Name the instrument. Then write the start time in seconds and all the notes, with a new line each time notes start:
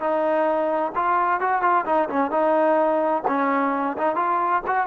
trombone
0.00 D#4
0.95 F4
1.41 F#4
1.62 F4
1.86 D#4
2.09 C#4
2.31 D#4
3.28 C#4
3.98 D#4
4.16 F4
4.67 F#4